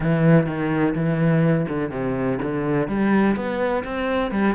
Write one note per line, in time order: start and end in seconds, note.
0.00 0.46 E3
0.46 0.94 D#3
0.94 1.66 E3
1.68 1.90 D3
1.90 2.38 C3
2.41 2.88 D3
2.88 3.36 G3
3.36 3.84 B3
3.84 4.31 C4
4.31 4.55 G3